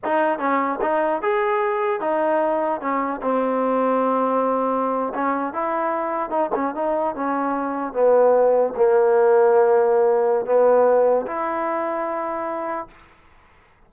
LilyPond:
\new Staff \with { instrumentName = "trombone" } { \time 4/4 \tempo 4 = 149 dis'4 cis'4 dis'4 gis'4~ | gis'4 dis'2 cis'4 | c'1~ | c'8. cis'4 e'2 dis'16~ |
dis'16 cis'8 dis'4 cis'2 b16~ | b4.~ b16 ais2~ ais16~ | ais2 b2 | e'1 | }